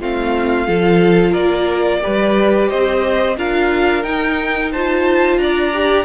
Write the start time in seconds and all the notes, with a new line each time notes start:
0.00 A3 C4 F4 F5
0.68 F3 F4 A4
1.31 A#3 A#4 D5
2.01 G3 G4 B4
2.69 C4 C5 D#5
3.37 D4 F4 A#4 F5
4.04 D#4 G5
4.72 F4 C5 A5
5.38 D4 D5 A#5
5.74 G4